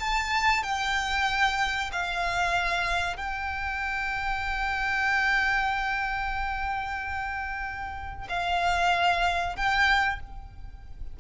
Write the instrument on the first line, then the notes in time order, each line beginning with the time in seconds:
violin
0.00 A5
0.64 G5
1.92 F5
3.17 G5
8.29 F5
9.57 G5